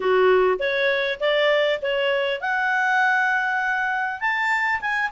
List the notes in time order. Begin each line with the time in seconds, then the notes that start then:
0.00 F#4
0.59 C#5
1.19 D5
1.81 C#5
2.41 F#5
4.20 A5
4.80 G#5